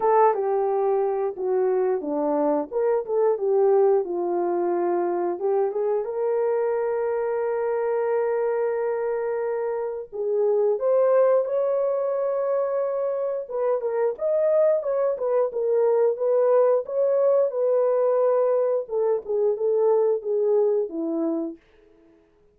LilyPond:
\new Staff \with { instrumentName = "horn" } { \time 4/4 \tempo 4 = 89 a'8 g'4. fis'4 d'4 | ais'8 a'8 g'4 f'2 | g'8 gis'8 ais'2.~ | ais'2. gis'4 |
c''4 cis''2. | b'8 ais'8 dis''4 cis''8 b'8 ais'4 | b'4 cis''4 b'2 | a'8 gis'8 a'4 gis'4 e'4 | }